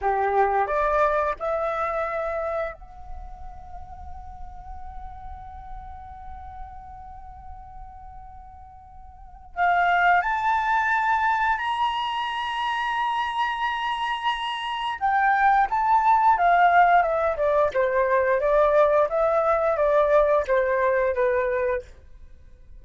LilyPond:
\new Staff \with { instrumentName = "flute" } { \time 4/4 \tempo 4 = 88 g'4 d''4 e''2 | fis''1~ | fis''1~ | fis''2 f''4 a''4~ |
a''4 ais''2.~ | ais''2 g''4 a''4 | f''4 e''8 d''8 c''4 d''4 | e''4 d''4 c''4 b'4 | }